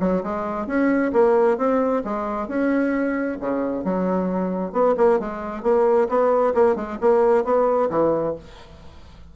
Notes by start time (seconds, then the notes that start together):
0.00 F#3
0.23 G#3
0.67 C#4
1.13 A#3
1.57 C4
2.04 G#3
2.48 C#4
3.40 C#3
3.84 F#3
4.72 B3
4.97 A#3
5.19 G#3
5.63 A#3
6.09 B3
6.54 A#3
6.75 G#3
7.00 A#3
7.44 B3
7.90 E3